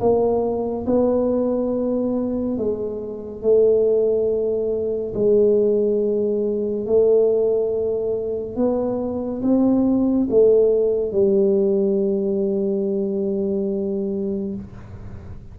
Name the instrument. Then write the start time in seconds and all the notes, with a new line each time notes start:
tuba
0.00 A#3
0.86 B3
2.58 G#3
3.42 A3
5.14 G#3
6.86 A3
8.56 B3
9.42 C4
10.30 A3
11.12 G3